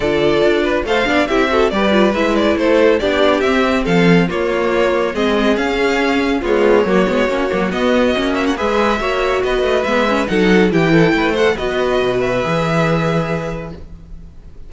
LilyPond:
<<
  \new Staff \with { instrumentName = "violin" } { \time 4/4 \tempo 4 = 140 d''2 f''4 e''4 | d''4 e''8 d''8 c''4 d''4 | e''4 f''4 cis''2 | dis''4 f''2 cis''4~ |
cis''2 dis''4. e''16 fis''16 | e''2 dis''4 e''4 | fis''4 g''4. fis''8 dis''4~ | dis''8 e''2.~ e''8 | }
  \new Staff \with { instrumentName = "violin" } { \time 4/4 a'4. b'8 c''8 d''8 g'8 a'8 | b'2 a'4 g'4~ | g'4 a'4 f'2 | gis'2. f'4 |
fis'1 | b'4 cis''4 b'2 | a'4 g'8 a'8 b'8 c''8 b'4~ | b'1 | }
  \new Staff \with { instrumentName = "viola" } { \time 4/4 f'2 a'8 d'8 e'8 fis'8 | g'8 f'8 e'2 d'4 | c'2 ais2 | c'4 cis'2 gis4 |
ais8 b8 cis'8 ais8 b4 cis'4 | gis'4 fis'2 b8 cis'8 | dis'4 e'4. a'8 fis'4~ | fis'4 gis'2. | }
  \new Staff \with { instrumentName = "cello" } { \time 4/4 d4 d'4 a8 b8 c'4 | g4 gis4 a4 b4 | c'4 f4 ais2 | gis4 cis'2 b4 |
fis8 gis8 ais8 fis8 b4 ais4 | gis4 ais4 b8 a8 gis4 | fis4 e4 a4 b4 | b,4 e2. | }
>>